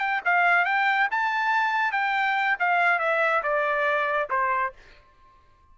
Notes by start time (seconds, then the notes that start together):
0.00 G5
0.25 F5
0.66 G5
1.11 A5
1.92 G5
2.60 F5
3.00 E5
3.43 D5
4.30 C5